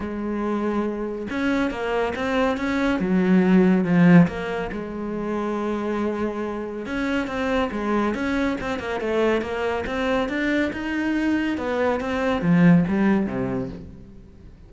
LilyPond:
\new Staff \with { instrumentName = "cello" } { \time 4/4 \tempo 4 = 140 gis2. cis'4 | ais4 c'4 cis'4 fis4~ | fis4 f4 ais4 gis4~ | gis1 |
cis'4 c'4 gis4 cis'4 | c'8 ais8 a4 ais4 c'4 | d'4 dis'2 b4 | c'4 f4 g4 c4 | }